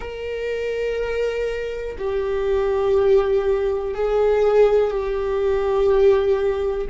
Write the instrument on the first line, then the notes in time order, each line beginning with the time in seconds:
viola
0.00 A#4
1.98 G4
3.94 G#4
4.90 G4